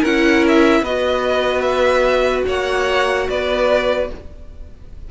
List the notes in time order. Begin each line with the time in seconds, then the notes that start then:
0.00 C#4 E4 A#4 F#5
0.48 E5
0.81 B3 F#4 B4 D#5
1.61 E5
2.46 A#3 C#5 F#5
3.29 B3 B4 D5